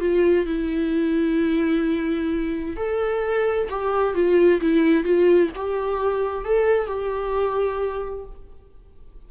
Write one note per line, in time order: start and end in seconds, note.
0.00 0.46 F4
0.46 2.77 E4
2.77 3.69 A4
3.69 4.14 G4
4.14 4.60 F4
4.61 5.04 E4
5.04 5.50 F4
5.56 6.45 G4
6.45 6.87 A4
6.87 8.25 G4